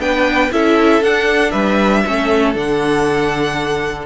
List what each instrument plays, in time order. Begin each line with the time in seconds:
0.00 cello B3, viola D4, violin B4 G5
0.52 cello C#4, viola E4, violin A4 E5
1.02 cello D4, viola D4, violin F#5
1.51 cello G3, violin B4 E5
2.06 cello A3, viola C#4, violin A4
2.55 cello D3, viola D4, violin F#5